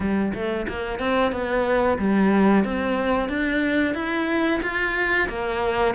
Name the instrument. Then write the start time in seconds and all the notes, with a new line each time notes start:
cello
0.00 G3
0.34 A3
0.68 A#3
0.99 C4
1.32 B3
1.98 G3
2.64 C4
3.28 D4
3.94 E4
4.62 F4
5.29 A#3